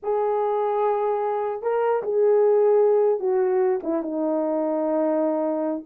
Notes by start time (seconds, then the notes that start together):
0.03 G#4
1.62 A#4
2.02 G#4
3.19 F#4
3.83 E4
4.02 D#4